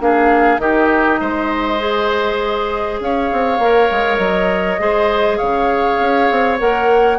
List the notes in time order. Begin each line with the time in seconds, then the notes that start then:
0.00 A#3 D4 G#4 F5
0.58 D#3 D#4 G4 D#5
1.20 G#3 C5
1.79 G#4
3.00 C#4 C#5 F5
3.33 C4
3.59 A#3 A#4
3.91 G#3
4.18 F#3 D#5
4.79 G#3 G#4 C5
5.38 C#3 C#5 F5
6.00 C#4
6.31 C4
6.60 A#3 A#4 F#5